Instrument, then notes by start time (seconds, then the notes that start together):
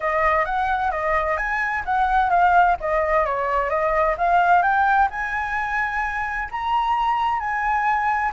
flute
0.00 D#5
0.45 F#5
0.91 D#5
1.37 G#5
1.85 F#5
2.30 F5
2.80 D#5
3.25 C#5
3.69 D#5
4.17 F5
4.62 G5
5.10 G#5
6.51 A#5
7.39 G#5